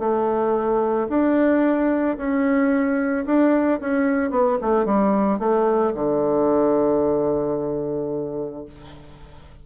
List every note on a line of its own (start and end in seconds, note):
0.00 1.08 A3
1.10 2.18 D4
2.18 3.26 C#4
3.27 3.81 D4
3.81 4.31 C#4
4.31 4.58 B3
4.62 4.86 A3
4.86 5.40 G3
5.40 5.94 A3
5.95 8.66 D3